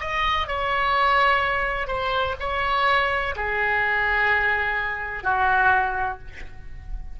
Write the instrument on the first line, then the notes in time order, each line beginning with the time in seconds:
oboe
0.00 D#5
0.47 C#5
1.87 C5
2.39 C#5
3.35 G#4
5.23 F#4